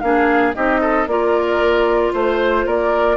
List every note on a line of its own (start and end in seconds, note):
0.00 0.55 A#3
0.00 0.55 D4
0.00 0.56 G#4
0.00 0.53 F5
0.55 1.07 C4
0.55 1.07 D#4
0.55 0.81 G4
0.55 1.08 D#5
0.81 1.07 A4
1.07 2.13 A#3
1.07 3.17 F4
1.07 2.13 A#4
1.07 2.13 D5
2.13 2.66 A3
2.13 2.66 C5
2.13 2.68 C5
2.66 3.17 A#3
2.66 3.17 A#4
2.66 3.17 D5